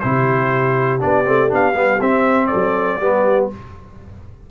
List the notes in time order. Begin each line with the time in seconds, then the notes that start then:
0.00 C3 E4 G4 C5
1.00 B3 D4 D5
1.25 A3 C4
1.49 B3 D4 F5
1.74 G3 B3
2.01 C4 E5
2.47 A4 D5
2.55 F#3
3.00 G3 B3 G4